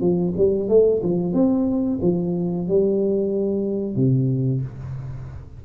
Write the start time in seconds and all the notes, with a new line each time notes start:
0.00 F3
0.37 G3
0.68 A3
1.02 F3
1.33 C4
2.02 F3
2.68 G3
3.95 C3